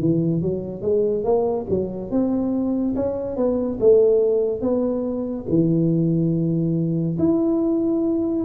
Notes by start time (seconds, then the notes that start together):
0.00 E3
0.41 F#3
0.81 G#3
1.24 A#3
1.70 F#3
2.11 C4
2.96 C#4
3.36 B3
3.80 A3
4.61 B3
5.49 E3
7.18 E4